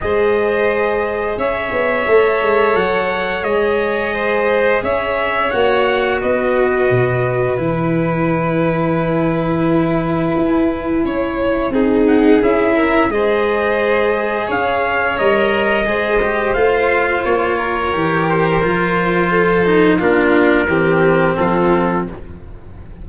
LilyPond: <<
  \new Staff \with { instrumentName = "trumpet" } { \time 4/4 \tempo 4 = 87 dis''2 e''2 | fis''4 dis''2 e''4 | fis''4 dis''2 gis''4~ | gis''1~ |
gis''4. fis''8 e''4 dis''4~ | dis''4 f''4 dis''2 | f''4 cis''4. c''4.~ | c''4 ais'2 a'4 | }
  \new Staff \with { instrumentName = "violin" } { \time 4/4 c''2 cis''2~ | cis''2 c''4 cis''4~ | cis''4 b'2.~ | b'1 |
cis''4 gis'4. ais'8 c''4~ | c''4 cis''2 c''4~ | c''4. ais'2~ ais'8 | a'4 f'4 g'4 f'4 | }
  \new Staff \with { instrumentName = "cello" } { \time 4/4 gis'2. a'4~ | a'4 gis'2. | fis'2. e'4~ | e'1~ |
e'4 dis'4 e'4 gis'4~ | gis'2 ais'4 gis'8 g'8 | f'2 g'4 f'4~ | f'8 dis'8 d'4 c'2 | }
  \new Staff \with { instrumentName = "tuba" } { \time 4/4 gis2 cis'8 b8 a8 gis8 | fis4 gis2 cis'4 | ais4 b4 b,4 e4~ | e2. e'4 |
cis'4 c'4 cis'4 gis4~ | gis4 cis'4 g4 gis4 | a4 ais4 e4 f4~ | f4 ais4 e4 f4 | }
>>